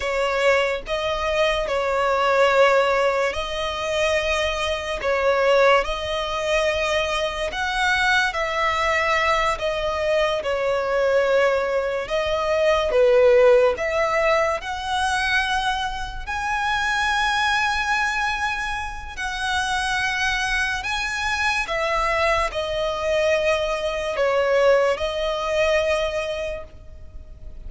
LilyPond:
\new Staff \with { instrumentName = "violin" } { \time 4/4 \tempo 4 = 72 cis''4 dis''4 cis''2 | dis''2 cis''4 dis''4~ | dis''4 fis''4 e''4. dis''8~ | dis''8 cis''2 dis''4 b'8~ |
b'8 e''4 fis''2 gis''8~ | gis''2. fis''4~ | fis''4 gis''4 e''4 dis''4~ | dis''4 cis''4 dis''2 | }